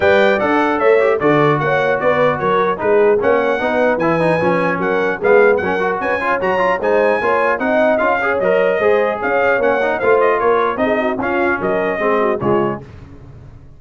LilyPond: <<
  \new Staff \with { instrumentName = "trumpet" } { \time 4/4 \tempo 4 = 150 g''4 fis''4 e''4 d''4 | fis''4 d''4 cis''4 b'4 | fis''2 gis''2 | fis''4 f''4 fis''4 gis''4 |
ais''4 gis''2 fis''4 | f''4 dis''2 f''4 | fis''4 f''8 dis''8 cis''4 dis''4 | f''4 dis''2 cis''4 | }
  \new Staff \with { instrumentName = "horn" } { \time 4/4 d''2 cis''4 a'4 | cis''4 b'4 ais'4 gis'4 | cis''4 b'2. | ais'4 gis'4 ais'4 b'8 cis''8~ |
cis''4 c''4 cis''4 dis''4~ | dis''8 cis''4. c''4 cis''4~ | cis''4 c''4 ais'4 gis'8 fis'8 | f'4 ais'4 gis'8 fis'8 f'4 | }
  \new Staff \with { instrumentName = "trombone" } { \time 4/4 b'4 a'4. g'8 fis'4~ | fis'2. dis'4 | cis'4 dis'4 e'8 dis'8 cis'4~ | cis'4 b4 cis'8 fis'4 f'8 |
fis'8 f'8 dis'4 f'4 dis'4 | f'8 gis'8 ais'4 gis'2 | cis'8 dis'8 f'2 dis'4 | cis'2 c'4 gis4 | }
  \new Staff \with { instrumentName = "tuba" } { \time 4/4 g4 d'4 a4 d4 | ais4 b4 fis4 gis4 | ais4 b4 e4 f4 | fis4 gis4 fis4 cis'4 |
fis4 gis4 ais4 c'4 | cis'4 fis4 gis4 cis'4 | ais4 a4 ais4 c'4 | cis'4 fis4 gis4 cis4 | }
>>